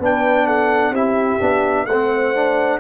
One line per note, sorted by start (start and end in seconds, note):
0.00 0.91 B3
0.00 0.95 D4
0.00 0.47 B4
0.00 0.48 G5
0.47 0.93 A4
0.47 0.95 F#5
0.91 1.38 C4
0.91 1.40 E4
0.91 1.86 G4
0.91 1.86 E5
1.40 1.87 B3
1.40 1.87 D4
1.86 2.80 A3
1.86 2.81 C5
1.86 2.80 F#5
1.93 2.35 C4
2.35 2.81 D4